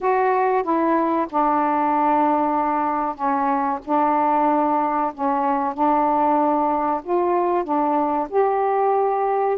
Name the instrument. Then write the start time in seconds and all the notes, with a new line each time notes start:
saxophone
0.01 F#4
0.63 E4
1.29 D4
3.15 C#4
3.84 D4
5.14 C#4
5.74 D4
7.03 F4
7.64 D4
8.29 G4